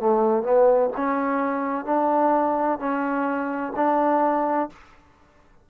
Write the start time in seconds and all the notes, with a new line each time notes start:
0.00 A3
0.43 B3
0.97 C#4
1.86 D4
2.80 C#4
3.76 D4